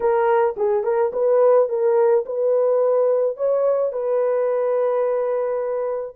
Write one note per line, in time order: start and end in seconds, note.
0.00 0.55 A#4
0.56 0.83 G#4
0.83 1.11 A#4
1.12 1.68 B4
1.68 2.24 A#4
2.25 3.36 B4
3.36 3.92 C#5
3.92 6.16 B4